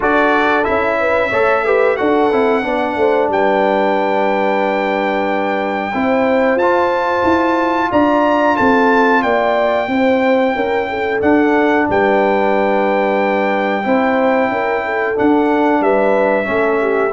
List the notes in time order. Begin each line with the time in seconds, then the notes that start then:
0.00 D4 F#4 A4 D5
0.63 C#4 E4 E5
0.99 B4
1.29 A3 A4 C#5
1.65 G4 B4
1.96 D4 F#4 A4 F#5
2.32 C4 E4
2.62 B3 D4 D5
2.96 A3 C5
3.29 G3 B4 G5
5.93 C4 E4 C5
6.55 F4 A5
7.23 E4
7.91 D4 D5 A#5
8.56 C4 A4 A5
9.22 A#3 D5 G5
9.87 C4 E4 C5
10.55 C#4 A#4
10.89 A4
11.19 D4 F#5
11.89 G3 B4 G5
13.83 C4 E4 C5
14.48 C#4 A#4
14.84 A4
15.15 D4 F#5
15.80 G3 B4 E5
16.44 A3 C#4 A4
16.80 G4